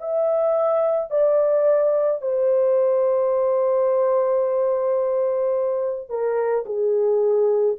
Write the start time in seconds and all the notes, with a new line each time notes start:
0.00 E5
1.11 D5
2.22 C5
6.09 A#4
6.66 G#4